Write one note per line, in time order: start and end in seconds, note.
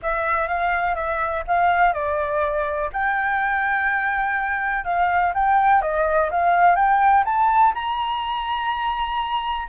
0.02 0.48 E5
0.48 0.95 F5
0.95 1.43 E5
1.47 1.93 F5
1.93 2.90 D5
2.93 4.84 G5
4.84 5.32 F5
5.34 5.81 G5
5.81 6.29 D#5
6.31 6.75 F5
6.75 7.23 G5
7.24 7.73 A5
7.74 9.68 A#5